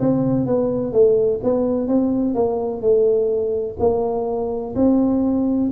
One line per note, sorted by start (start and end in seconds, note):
0.00 0.47 C4
0.47 0.93 B3
0.93 1.41 A3
1.44 1.88 B3
1.88 2.35 C4
2.35 2.82 A#3
2.82 3.77 A3
3.80 4.75 A#3
4.76 5.71 C4